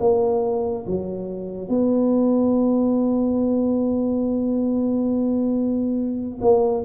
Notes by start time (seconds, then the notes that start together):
0.00 A#3
0.86 F#3
1.69 B3
6.41 A#3